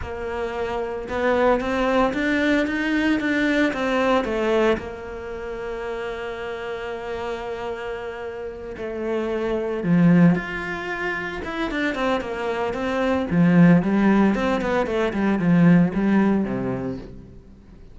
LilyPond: \new Staff \with { instrumentName = "cello" } { \time 4/4 \tempo 4 = 113 ais2 b4 c'4 | d'4 dis'4 d'4 c'4 | a4 ais2.~ | ais1~ |
ais8 a2 f4 f'8~ | f'4. e'8 d'8 c'8 ais4 | c'4 f4 g4 c'8 b8 | a8 g8 f4 g4 c4 | }